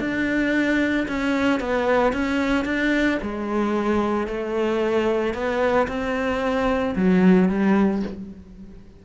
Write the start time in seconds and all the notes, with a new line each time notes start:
0.00 D4
1.08 C#4
1.60 B3
2.13 C#4
2.65 D4
3.22 G#3
4.28 A3
5.34 B3
5.88 C4
6.96 F#3
7.49 G3